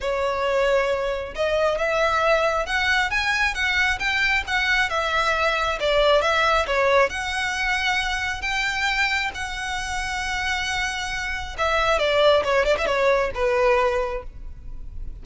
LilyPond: \new Staff \with { instrumentName = "violin" } { \time 4/4 \tempo 4 = 135 cis''2. dis''4 | e''2 fis''4 gis''4 | fis''4 g''4 fis''4 e''4~ | e''4 d''4 e''4 cis''4 |
fis''2. g''4~ | g''4 fis''2.~ | fis''2 e''4 d''4 | cis''8 d''16 e''16 cis''4 b'2 | }